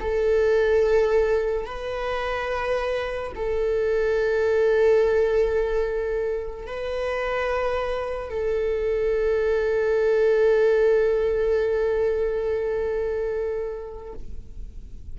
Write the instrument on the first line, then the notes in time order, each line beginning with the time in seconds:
viola
0.00 A4
1.66 B4
3.35 A4
6.66 B4
8.30 A4